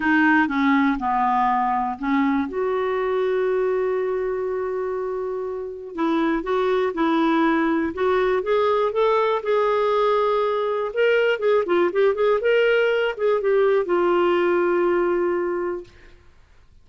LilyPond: \new Staff \with { instrumentName = "clarinet" } { \time 4/4 \tempo 4 = 121 dis'4 cis'4 b2 | cis'4 fis'2.~ | fis'1 | e'4 fis'4 e'2 |
fis'4 gis'4 a'4 gis'4~ | gis'2 ais'4 gis'8 f'8 | g'8 gis'8 ais'4. gis'8 g'4 | f'1 | }